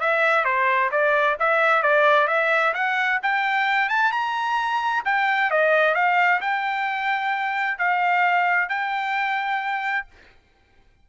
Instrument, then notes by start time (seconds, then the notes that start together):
trumpet
0.00 E5
0.45 C5
0.91 D5
1.39 E5
1.83 D5
2.27 E5
2.74 F#5
3.22 G5
3.89 A5
4.12 A#5
5.05 G5
5.51 D#5
5.95 F5
6.41 G5
7.78 F5
8.69 G5